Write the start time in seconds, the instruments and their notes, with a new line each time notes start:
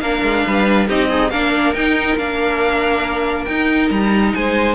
0.00 cello A#3, viola D4, violin A#4 F5
0.22 cello G#3
0.47 cello G3, violin B4
0.87 cello C4, viola D#4, violin G4 D#5
1.09 violin D#4, viola G#4
1.30 cello A#3, viola D4, violin A#4 F5
1.74 cello D#4, viola D#4, violin G5
2.17 cello A#3, viola D4, violin F5
3.45 cello D#4, viola D#4, violin G5
3.90 cello G3, violin A#5
4.34 cello G#3, violin C5 G#5